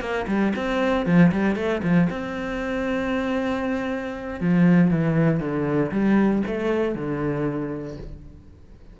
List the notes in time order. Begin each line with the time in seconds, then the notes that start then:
0.00 A#3
0.27 G3
0.55 C4
1.06 F3
1.32 G3
1.55 A3
1.83 F3
2.10 C4
4.40 F3
4.90 E3
5.39 D3
5.91 G3
6.46 A3
6.95 D3